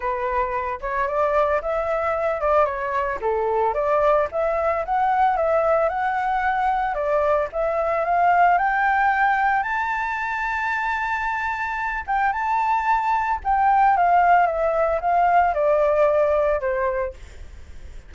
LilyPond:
\new Staff \with { instrumentName = "flute" } { \time 4/4 \tempo 4 = 112 b'4. cis''8 d''4 e''4~ | e''8 d''8 cis''4 a'4 d''4 | e''4 fis''4 e''4 fis''4~ | fis''4 d''4 e''4 f''4 |
g''2 a''2~ | a''2~ a''8 g''8 a''4~ | a''4 g''4 f''4 e''4 | f''4 d''2 c''4 | }